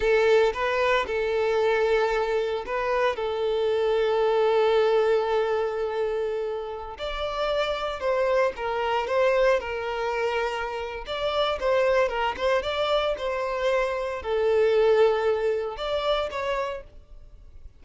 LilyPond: \new Staff \with { instrumentName = "violin" } { \time 4/4 \tempo 4 = 114 a'4 b'4 a'2~ | a'4 b'4 a'2~ | a'1~ | a'4~ a'16 d''2 c''8.~ |
c''16 ais'4 c''4 ais'4.~ ais'16~ | ais'4 d''4 c''4 ais'8 c''8 | d''4 c''2 a'4~ | a'2 d''4 cis''4 | }